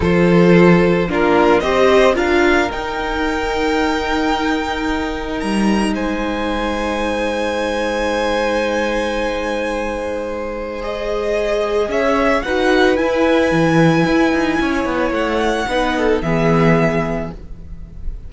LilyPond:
<<
  \new Staff \with { instrumentName = "violin" } { \time 4/4 \tempo 4 = 111 c''2 ais'4 dis''4 | f''4 g''2.~ | g''2 ais''4 gis''4~ | gis''1~ |
gis''1 | dis''2 e''4 fis''4 | gis''1 | fis''2 e''2 | }
  \new Staff \with { instrumentName = "violin" } { \time 4/4 a'2 f'4 c''4 | ais'1~ | ais'2. c''4~ | c''1~ |
c''1~ | c''2 cis''4 b'4~ | b'2. cis''4~ | cis''4 b'8 a'8 gis'2 | }
  \new Staff \with { instrumentName = "viola" } { \time 4/4 f'2 d'4 g'4 | f'4 dis'2.~ | dis'1~ | dis'1~ |
dis'1 | gis'2. fis'4 | e'1~ | e'4 dis'4 b2 | }
  \new Staff \with { instrumentName = "cello" } { \time 4/4 f2 ais4 c'4 | d'4 dis'2.~ | dis'2 g4 gis4~ | gis1~ |
gis1~ | gis2 cis'4 dis'4 | e'4 e4 e'8 dis'8 cis'8 b8 | a4 b4 e2 | }
>>